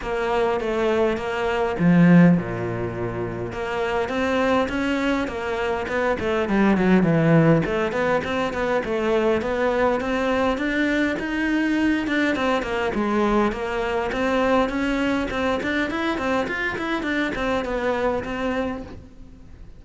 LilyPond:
\new Staff \with { instrumentName = "cello" } { \time 4/4 \tempo 4 = 102 ais4 a4 ais4 f4 | ais,2 ais4 c'4 | cis'4 ais4 b8 a8 g8 fis8 | e4 a8 b8 c'8 b8 a4 |
b4 c'4 d'4 dis'4~ | dis'8 d'8 c'8 ais8 gis4 ais4 | c'4 cis'4 c'8 d'8 e'8 c'8 | f'8 e'8 d'8 c'8 b4 c'4 | }